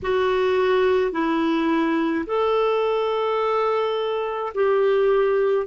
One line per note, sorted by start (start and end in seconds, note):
0.02 1.12 F#4
1.12 2.25 E4
2.26 4.52 A4
4.54 5.66 G4